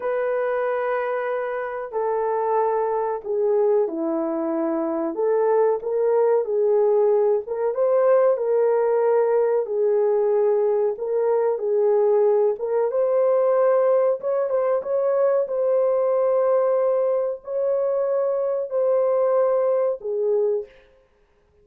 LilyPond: \new Staff \with { instrumentName = "horn" } { \time 4/4 \tempo 4 = 93 b'2. a'4~ | a'4 gis'4 e'2 | a'4 ais'4 gis'4. ais'8 | c''4 ais'2 gis'4~ |
gis'4 ais'4 gis'4. ais'8 | c''2 cis''8 c''8 cis''4 | c''2. cis''4~ | cis''4 c''2 gis'4 | }